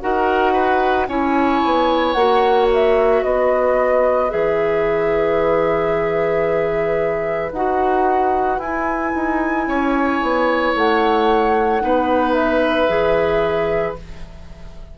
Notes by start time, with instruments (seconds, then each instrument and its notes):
0.00 bassoon D#4, clarinet F#4, oboe A#4, flute F#5
0.52 oboe B4
1.08 bassoon C#4, clarinet E4, oboe C#5, flute G#5
1.64 bassoon B3
2.12 bassoon A#3, clarinet F#4, flute F#5
2.73 flute E5
3.22 bassoon B3, oboe B4, flute D#5
4.29 bassoon E3, clarinet G#4, flute E5
7.51 bassoon D#4, clarinet F#4, flute F#5
8.58 bassoon E4, clarinet E4, flute G#5
9.15 bassoon D#4
9.67 bassoon C#4, oboe C#5
10.22 bassoon B3
10.74 bassoon A3, flute F#5
11.81 bassoon B3, clarinet D#4, oboe B4
12.33 flute E5
12.88 bassoon E3, clarinet G#4